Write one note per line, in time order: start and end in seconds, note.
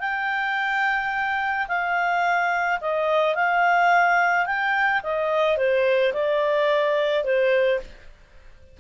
0.00 1.67 G5
1.68 2.79 F5
2.81 3.36 D#5
3.36 4.46 F5
4.46 5.02 G5
5.03 5.57 D#5
5.57 6.13 C5
6.13 7.24 D5
7.24 7.80 C5